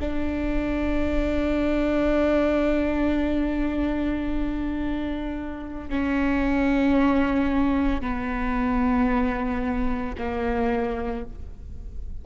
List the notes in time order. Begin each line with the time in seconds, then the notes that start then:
0.00 D4
5.89 C#4
8.01 B3
10.18 A#3